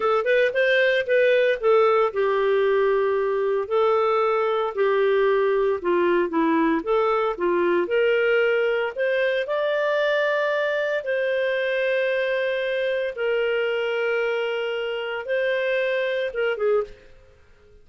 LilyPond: \new Staff \with { instrumentName = "clarinet" } { \time 4/4 \tempo 4 = 114 a'8 b'8 c''4 b'4 a'4 | g'2. a'4~ | a'4 g'2 f'4 | e'4 a'4 f'4 ais'4~ |
ais'4 c''4 d''2~ | d''4 c''2.~ | c''4 ais'2.~ | ais'4 c''2 ais'8 gis'8 | }